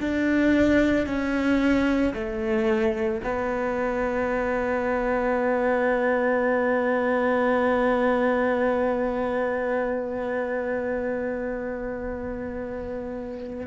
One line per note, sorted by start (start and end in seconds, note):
0.00 1.07 D4
1.07 2.14 C#4
2.14 3.21 A3
3.24 13.67 B3